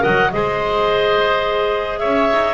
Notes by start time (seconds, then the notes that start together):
0.00 A#4 D#5 F#5
0.07 F#3
0.32 G#3 G#4 C5 D#5
1.99 C#4 C#5 E5
2.32 D#4